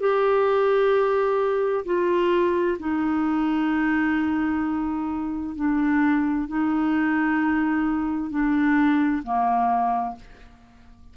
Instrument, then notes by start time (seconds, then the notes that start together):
clarinet
0.00 G4
1.85 F4
2.79 D#4
5.56 D4
6.48 D#4
8.30 D4
9.23 A#3